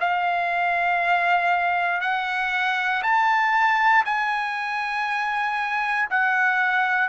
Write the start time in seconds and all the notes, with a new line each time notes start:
0.00 F5
2.01 F#5
3.03 A5
4.05 G#5
6.10 F#5